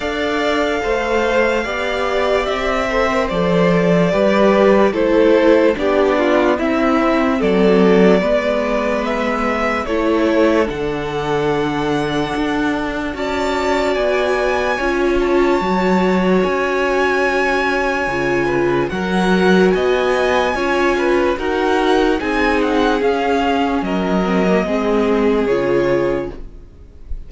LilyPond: <<
  \new Staff \with { instrumentName = "violin" } { \time 4/4 \tempo 4 = 73 f''2. e''4 | d''2 c''4 d''4 | e''4 d''2 e''4 | cis''4 fis''2. |
a''4 gis''4. a''4. | gis''2. fis''4 | gis''2 fis''4 gis''8 fis''8 | f''4 dis''2 cis''4 | }
  \new Staff \with { instrumentName = "violin" } { \time 4/4 d''4 c''4 d''4. c''8~ | c''4 b'4 a'4 g'8 f'8 | e'4 a'4 b'2 | a'1 |
d''2 cis''2~ | cis''2~ cis''8 b'8 ais'4 | dis''4 cis''8 b'8 ais'4 gis'4~ | gis'4 ais'4 gis'2 | }
  \new Staff \with { instrumentName = "viola" } { \time 4/4 a'2 g'4. a'16 ais'16 | a'4 g'4 e'4 d'4 | c'2 b2 | e'4 d'2. |
fis'2 f'4 fis'4~ | fis'2 f'4 fis'4~ | fis'4 f'4 fis'4 dis'4 | cis'4. c'16 ais16 c'4 f'4 | }
  \new Staff \with { instrumentName = "cello" } { \time 4/4 d'4 a4 b4 c'4 | f4 g4 a4 b4 | c'4 fis4 gis2 | a4 d2 d'4 |
cis'4 b4 cis'4 fis4 | cis'2 cis4 fis4 | b4 cis'4 dis'4 c'4 | cis'4 fis4 gis4 cis4 | }
>>